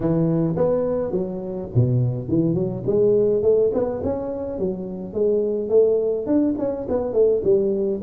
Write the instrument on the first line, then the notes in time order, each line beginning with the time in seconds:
tuba
0.00 E3
0.56 B3
1.11 F#3
1.75 B2
2.28 E3
2.54 F#3
2.86 G#3
3.42 A3
3.73 B3
4.03 C#4
4.59 F#3
5.13 G#3
5.69 A3
6.26 D4
6.58 C#4
6.88 B3
7.13 A3
7.43 G3